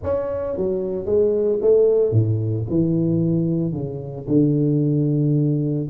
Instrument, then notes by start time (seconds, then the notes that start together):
tuba
0.03 C#4
0.56 F#3
1.05 G#3
1.61 A3
2.11 A2
2.69 E3
3.73 C#3
4.27 D3